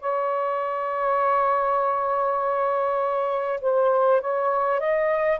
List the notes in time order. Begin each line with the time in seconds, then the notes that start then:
0.00 C#5
3.61 C5
4.21 C#5
4.80 D#5